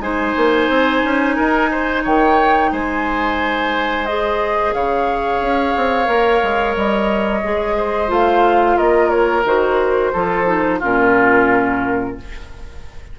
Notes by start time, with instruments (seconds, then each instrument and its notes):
0.00 bassoon G#3, clarinet D#4, oboe C5, flute G#5
0.37 bassoon A#3
0.69 bassoon C4
1.04 bassoon C#4
1.36 bassoon D#4, oboe A#4
1.72 oboe C5
2.04 bassoon D#3, oboe C#5, flute G5
2.72 bassoon G#3, oboe C5, flute G#5
4.06 clarinet G#4, flute D#5
4.74 bassoon C#3, oboe C#5, flute F5
5.41 bassoon C#4
5.77 bassoon C4
6.05 bassoon A#3, clarinet A#4
6.43 bassoon G#3
6.76 bassoon G3, flute D#5
7.44 bassoon G#3, clarinet G#4
7.77 oboe C5
8.08 bassoon A3, clarinet F4, flute F5
8.77 bassoon A#3, oboe A#4, flute D#5
9.10 flute C#5
9.45 bassoon D#3, clarinet F#4, flute C5
10.13 bassoon F3, clarinet F4, oboe A4
10.46 clarinet D#4
10.80 bassoon A#2, clarinet C#4, oboe F4, flute A#4